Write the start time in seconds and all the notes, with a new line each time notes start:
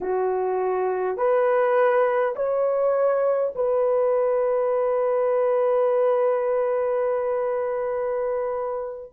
0.00 F#4
1.17 B4
2.35 C#5
3.55 B4